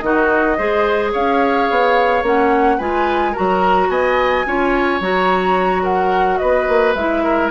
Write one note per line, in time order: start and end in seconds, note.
0.00 0.57 D#3
0.00 0.58 D#4
0.00 0.58 F#4
0.00 1.11 D#5
0.58 1.14 G#3
0.58 2.24 G#4
0.58 1.12 C5
1.12 1.70 C#4
1.12 2.77 C#5
1.12 2.25 F5
1.70 2.22 B3
2.22 2.78 A#3
2.22 2.79 C#4
2.22 2.79 F#5
2.77 3.35 G#3
2.77 3.34 F4
2.77 3.32 B4
2.77 3.35 G#5
3.32 4.45 F#4
3.32 3.87 A#4
3.32 3.90 A#5
3.39 3.89 F#3
3.89 4.44 B3
3.89 4.46 D#5
3.89 5.01 G#5
4.46 5.00 C#4
4.46 5.01 F4
4.46 5.83 C#5
5.00 6.39 F#3
5.00 6.95 F#4
5.00 5.84 A#5
5.83 6.38 A#4
5.83 6.38 F#5
6.38 6.68 B3
6.38 7.23 B4
6.38 6.93 D#5
6.68 6.95 A#3
6.94 7.50 G#3
6.94 7.51 E4
6.94 7.50 E5
7.23 7.51 A#4